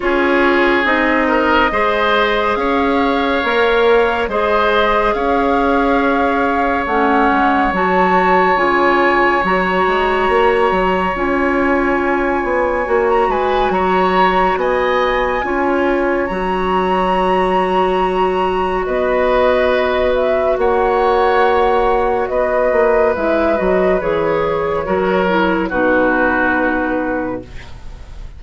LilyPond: <<
  \new Staff \with { instrumentName = "flute" } { \time 4/4 \tempo 4 = 70 cis''4 dis''2 f''4~ | f''4 dis''4 f''2 | fis''4 a''4 gis''4 ais''4~ | ais''4 gis''2~ gis''16 ais''16 gis''8 |
ais''4 gis''2 ais''4~ | ais''2 dis''4. e''8 | fis''2 dis''4 e''8 dis''8 | cis''2 b'2 | }
  \new Staff \with { instrumentName = "oboe" } { \time 4/4 gis'4. ais'8 c''4 cis''4~ | cis''4 c''4 cis''2~ | cis''1~ | cis''2.~ cis''8 b'8 |
cis''4 dis''4 cis''2~ | cis''2 b'2 | cis''2 b'2~ | b'4 ais'4 fis'2 | }
  \new Staff \with { instrumentName = "clarinet" } { \time 4/4 f'4 dis'4 gis'2 | ais'4 gis'2. | cis'4 fis'4 f'4 fis'4~ | fis'4 f'2 fis'4~ |
fis'2 f'4 fis'4~ | fis'1~ | fis'2. e'8 fis'8 | gis'4 fis'8 e'8 dis'2 | }
  \new Staff \with { instrumentName = "bassoon" } { \time 4/4 cis'4 c'4 gis4 cis'4 | ais4 gis4 cis'2 | a8 gis8 fis4 cis4 fis8 gis8 | ais8 fis8 cis'4. b8 ais8 gis8 |
fis4 b4 cis'4 fis4~ | fis2 b2 | ais2 b8 ais8 gis8 fis8 | e4 fis4 b,2 | }
>>